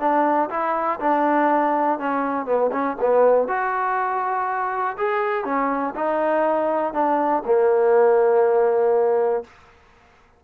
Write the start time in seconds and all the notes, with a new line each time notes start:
0.00 D4
0.50 E4
1.00 D4
1.99 C#4
2.46 B3
2.72 C#4
3.00 B3
3.48 F#4
4.97 G#4
5.45 C#4
5.95 D#4
6.93 D4
7.45 A#3